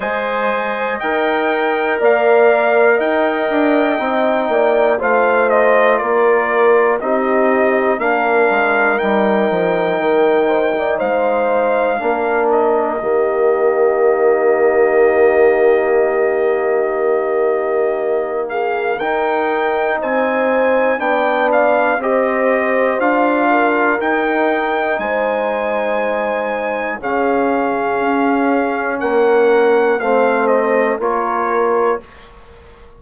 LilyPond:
<<
  \new Staff \with { instrumentName = "trumpet" } { \time 4/4 \tempo 4 = 60 gis''4 g''4 f''4 g''4~ | g''4 f''8 dis''8 d''4 dis''4 | f''4 g''2 f''4~ | f''8 dis''2.~ dis''8~ |
dis''2~ dis''8 f''8 g''4 | gis''4 g''8 f''8 dis''4 f''4 | g''4 gis''2 f''4~ | f''4 fis''4 f''8 dis''8 cis''4 | }
  \new Staff \with { instrumentName = "horn" } { \time 4/4 dis''2 d''4 dis''4~ | dis''8 d''8 c''4 ais'4 g'4 | ais'2~ ais'8 c''16 d''16 c''4 | ais'4 g'2.~ |
g'2~ g'8 gis'8 ais'4 | c''4 d''4 c''4. ais'8~ | ais'4 c''2 gis'4~ | gis'4 ais'4 c''4 ais'4 | }
  \new Staff \with { instrumentName = "trombone" } { \time 4/4 c''4 ais'2. | dis'4 f'2 dis'4 | d'4 dis'2. | d'4 ais2.~ |
ais2. dis'4~ | dis'4 d'4 g'4 f'4 | dis'2. cis'4~ | cis'2 c'4 f'4 | }
  \new Staff \with { instrumentName = "bassoon" } { \time 4/4 gis4 dis'4 ais4 dis'8 d'8 | c'8 ais8 a4 ais4 c'4 | ais8 gis8 g8 f8 dis4 gis4 | ais4 dis2.~ |
dis2. dis'4 | c'4 b4 c'4 d'4 | dis'4 gis2 cis4 | cis'4 ais4 a4 ais4 | }
>>